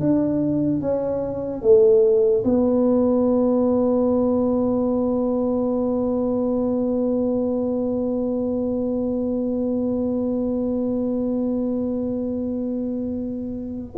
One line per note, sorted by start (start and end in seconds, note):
0.00 0.81 D4
0.81 1.62 C#4
1.62 2.44 A3
2.45 13.95 B3